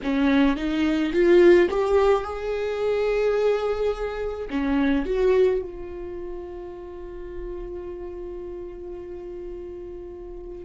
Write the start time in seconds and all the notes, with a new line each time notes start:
0.03 C#4
0.56 D#4
1.12 F4
1.70 G4
2.24 G#4
4.49 C#4
5.05 F#4
5.61 F4